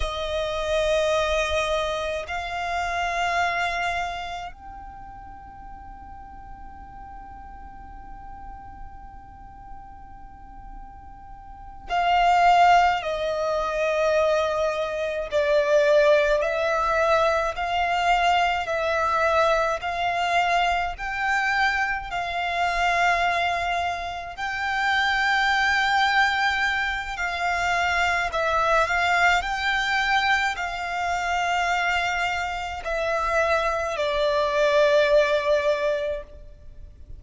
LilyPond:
\new Staff \with { instrumentName = "violin" } { \time 4/4 \tempo 4 = 53 dis''2 f''2 | g''1~ | g''2~ g''8 f''4 dis''8~ | dis''4. d''4 e''4 f''8~ |
f''8 e''4 f''4 g''4 f''8~ | f''4. g''2~ g''8 | f''4 e''8 f''8 g''4 f''4~ | f''4 e''4 d''2 | }